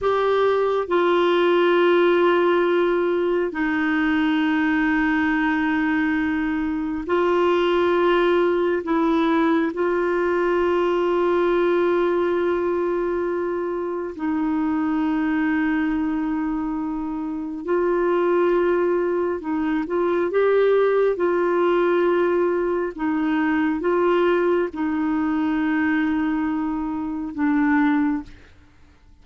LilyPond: \new Staff \with { instrumentName = "clarinet" } { \time 4/4 \tempo 4 = 68 g'4 f'2. | dis'1 | f'2 e'4 f'4~ | f'1 |
dis'1 | f'2 dis'8 f'8 g'4 | f'2 dis'4 f'4 | dis'2. d'4 | }